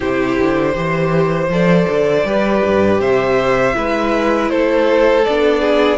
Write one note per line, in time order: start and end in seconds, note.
0.00 0.39 C3
0.00 0.74 E4
0.00 0.74 G4
0.00 1.50 C5
0.39 0.76 D3
0.74 1.48 E3
0.74 1.49 G4
0.74 2.26 C5
1.48 1.85 F3
1.48 2.26 A4
1.48 3.00 D5
1.89 2.24 D3
2.24 2.61 G3
2.24 3.73 G4
2.24 3.00 B4
2.64 2.99 G2
2.99 3.74 C3
2.99 3.75 C5
2.99 4.49 E5
3.73 4.50 G#3
3.73 5.23 E4
3.73 4.51 B4
4.49 5.25 A3
4.49 5.60 A4
4.49 5.24 C5
5.25 5.97 B3
5.25 5.97 D4
5.25 5.97 D5
5.60 5.97 G#4